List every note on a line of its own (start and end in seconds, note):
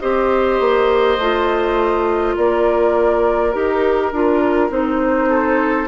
0.00 0.60 C4
0.00 1.19 G4
0.00 2.36 C5
0.00 2.35 D#5
0.60 1.18 A#3
1.18 2.36 A3
1.18 3.53 F4
2.36 3.54 A#3
2.36 5.28 A#4
2.36 3.52 D5
3.52 4.12 D#4
3.52 4.12 G4
3.52 4.70 A#4
4.12 4.70 D4
4.12 4.70 F4
4.70 5.88 C4
4.70 5.87 D#4
4.70 5.88 C5
5.28 5.87 A4